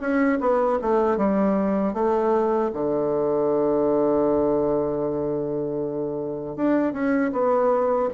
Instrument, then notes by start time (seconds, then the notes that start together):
bassoon
0.00 C#4
0.40 B3
0.81 A3
1.17 G3
1.93 A3
2.73 D3
6.56 D4
6.92 C#4
7.32 B3